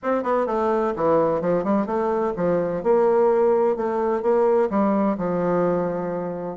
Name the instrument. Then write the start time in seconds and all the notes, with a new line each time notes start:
bassoon
0.02 C4
0.23 B3
0.46 A3
0.95 E3
1.41 F3
1.63 G3
1.86 A3
2.36 F3
2.83 A#3
3.76 A3
4.22 A#3
4.69 G3
5.17 F3